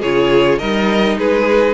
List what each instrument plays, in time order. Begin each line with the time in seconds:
0.00 cello C#3, viola F4, violin G#4 C#5
0.58 cello G3, viola D#4, violin A#4 D#5
1.17 cello G#3, violin G#4 B4